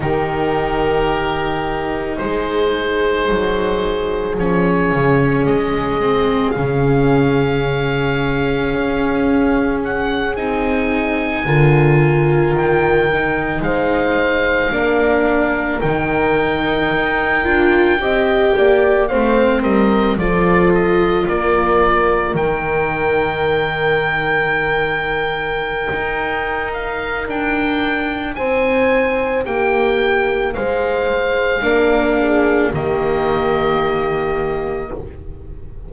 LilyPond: <<
  \new Staff \with { instrumentName = "oboe" } { \time 4/4 \tempo 4 = 55 ais'2 c''2 | cis''4 dis''4 f''2~ | f''4 fis''8 gis''2 g''8~ | g''8 f''2 g''4.~ |
g''4. f''8 dis''8 d''8 dis''8 d''8~ | d''8 g''2.~ g''8~ | g''8 f''8 g''4 gis''4 g''4 | f''2 dis''2 | }
  \new Staff \with { instrumentName = "horn" } { \time 4/4 g'2 gis'2~ | gis'1~ | gis'2~ gis'8 ais'4.~ | ais'8 c''4 ais'2~ ais'8~ |
ais'8 dis''8 d''8 c''8 ais'8 a'4 ais'8~ | ais'1~ | ais'2 c''4 g'4 | c''4 ais'8 gis'8 g'2 | }
  \new Staff \with { instrumentName = "viola" } { \time 4/4 dis'1 | cis'4. c'8 cis'2~ | cis'4. dis'4 f'4. | dis'4. d'4 dis'4. |
f'8 g'4 c'4 f'4.~ | f'8 dis'2.~ dis'8~ | dis'1~ | dis'4 d'4 ais2 | }
  \new Staff \with { instrumentName = "double bass" } { \time 4/4 dis2 gis4 fis4 | f8 cis8 gis4 cis2 | cis'4. c'4 d4 dis8~ | dis8 gis4 ais4 dis4 dis'8 |
d'8 c'8 ais8 a8 g8 f4 ais8~ | ais8 dis2.~ dis16 dis'16~ | dis'4 d'4 c'4 ais4 | gis4 ais4 dis2 | }
>>